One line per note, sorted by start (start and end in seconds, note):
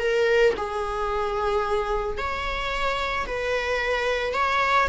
0.00 0.54 A#4
0.57 2.18 G#4
2.18 3.26 C#5
3.27 4.34 B4
4.34 4.88 C#5